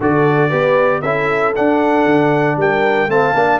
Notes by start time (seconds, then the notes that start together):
0.00 D3 F#4 A4 D5
0.49 B3 G4 B4
1.01 C#4 E4 A4 E5
1.55 D4 F#5
2.05 D3
2.57 G3 A#4 G5
3.07 A3 C4 F5 A5
3.34 A#3 D4